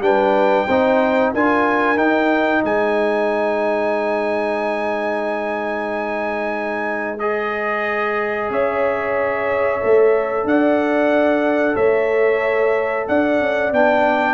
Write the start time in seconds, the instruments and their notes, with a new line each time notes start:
0.00 tuba G3, trombone D4, horn B4, trumpet G5
0.67 tuba C4, trombone D#4, horn C5
1.34 tuba D4, trombone F4, horn A#4, trumpet G#5
1.97 tuba D#4, trombone D#4, trumpet G5
2.64 tuba G#3, horn C5, trumpet G#5
7.19 trombone G#4, trumpet D#5
8.51 tuba C#4, horn C#5, trumpet E5
9.81 tuba A3, trombone A4
10.45 tuba D4, horn D5, trumpet F#5
11.75 tuba A3, horn C#5, trumpet E5
13.08 tuba D4, horn D5, trumpet F#5
13.40 tuba C#4
13.72 tuba B3, trombone D4, trumpet G5